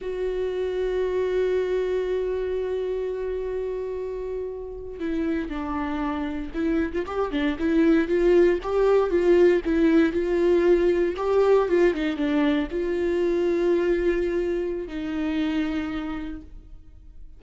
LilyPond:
\new Staff \with { instrumentName = "viola" } { \time 4/4 \tempo 4 = 117 fis'1~ | fis'1~ | fis'4.~ fis'16 e'4 d'4~ d'16~ | d'8. e'8. f'16 g'8 d'8 e'4 f'16~ |
f'8. g'4 f'4 e'4 f'16~ | f'4.~ f'16 g'4 f'8 dis'8 d'16~ | d'8. f'2.~ f'16~ | f'4 dis'2. | }